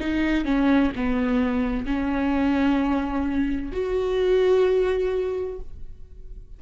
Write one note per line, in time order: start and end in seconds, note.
0.00 0.45 D#4
0.45 0.92 C#4
0.96 1.86 B3
1.86 3.72 C#4
3.72 5.60 F#4